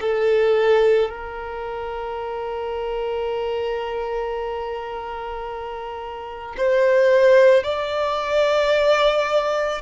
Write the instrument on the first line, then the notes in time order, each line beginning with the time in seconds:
violin
0.00 A4
1.10 A#4
6.57 C5
7.63 D5